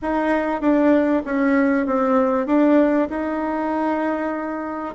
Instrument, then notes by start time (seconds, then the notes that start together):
bassoon
0.02 D#4
0.61 D4
1.25 C#4
1.86 C4
2.46 D4
3.09 D#4